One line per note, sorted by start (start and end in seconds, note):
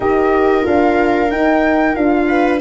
0.00 0.63 D#4
0.00 0.64 G4
0.00 2.28 A#4
0.00 0.65 D#5
0.64 1.31 D4
0.64 1.29 F4
0.64 1.30 F5
1.30 1.95 D#4
1.30 1.96 D#4
1.30 1.95 G5
1.95 2.60 D4
1.95 2.60 F4
1.95 2.60 F5
2.28 2.60 B4